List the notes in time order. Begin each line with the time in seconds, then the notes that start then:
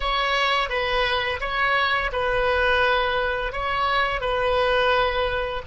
0.00 C#5
0.69 B4
1.40 C#5
2.12 B4
3.52 C#5
4.20 B4